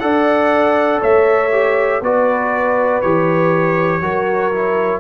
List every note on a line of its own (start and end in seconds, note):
0.00 1.02 D4
0.00 1.51 A4
0.00 1.01 D5
0.00 1.00 F#5
1.01 2.01 A3
1.01 2.01 C#5
1.01 2.03 E5
1.51 2.01 G4
2.01 3.01 B3
2.01 3.03 F#4
2.01 4.02 B4
2.01 3.01 D5
3.01 4.01 E3
3.01 4.02 G4
3.01 5.00 C#5
4.01 5.00 F#3
4.01 4.52 F#4
4.01 5.00 A#4
4.52 5.00 E4